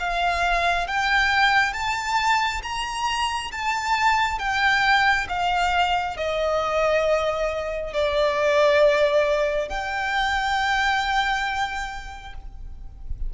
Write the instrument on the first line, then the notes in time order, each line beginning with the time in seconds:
violin
0.00 F5
0.87 G5
1.73 A5
2.63 A#5
3.52 A5
4.39 G5
5.29 F5
6.17 D#5
7.93 D5
9.69 G5